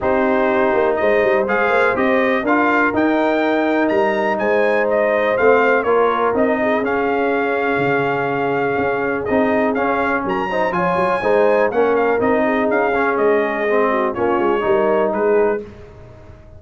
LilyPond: <<
  \new Staff \with { instrumentName = "trumpet" } { \time 4/4 \tempo 4 = 123 c''2 dis''4 f''4 | dis''4 f''4 g''2 | ais''4 gis''4 dis''4 f''4 | cis''4 dis''4 f''2~ |
f''2. dis''4 | f''4 ais''4 gis''2 | fis''8 f''8 dis''4 f''4 dis''4~ | dis''4 cis''2 b'4 | }
  \new Staff \with { instrumentName = "horn" } { \time 4/4 g'2 c''2~ | c''4 ais'2.~ | ais'4 c''2. | ais'4. gis'2~ gis'8~ |
gis'1~ | gis'4 ais'8 c''8 cis''4 c''4 | ais'4. gis'2~ gis'8~ | gis'8 fis'8 f'4 ais'4 gis'4 | }
  \new Staff \with { instrumentName = "trombone" } { \time 4/4 dis'2. gis'4 | g'4 f'4 dis'2~ | dis'2. c'4 | f'4 dis'4 cis'2~ |
cis'2. dis'4 | cis'4. dis'8 f'4 dis'4 | cis'4 dis'4. cis'4. | c'4 cis'4 dis'2 | }
  \new Staff \with { instrumentName = "tuba" } { \time 4/4 c'4. ais8 gis8 g8 gis8 ais8 | c'4 d'4 dis'2 | g4 gis2 a4 | ais4 c'4 cis'2 |
cis2 cis'4 c'4 | cis'4 fis4 f8 fis8 gis4 | ais4 c'4 cis'4 gis4~ | gis4 ais8 gis8 g4 gis4 | }
>>